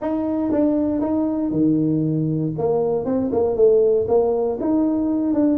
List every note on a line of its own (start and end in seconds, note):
0.01 0.51 D#4
0.51 1.01 D4
1.01 1.51 D#4
1.51 2.53 D#3
2.58 3.05 A#3
3.05 3.30 C4
3.32 3.55 A#3
3.55 4.06 A3
4.08 4.59 A#3
4.60 5.33 D#4
5.33 5.58 D4